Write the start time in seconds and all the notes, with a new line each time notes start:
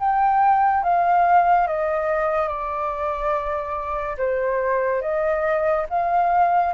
0.00 G5
0.83 F5
1.67 D#5
2.48 D5
4.18 C5
5.02 D#5
5.90 F5